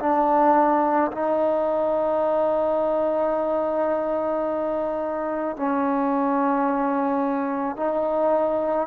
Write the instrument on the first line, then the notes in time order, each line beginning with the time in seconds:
trombone
0.00 D4
1.12 D#4
5.57 C#4
7.77 D#4